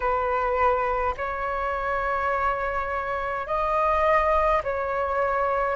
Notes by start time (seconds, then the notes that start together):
0.00 B4
1.17 C#5
3.46 D#5
4.63 C#5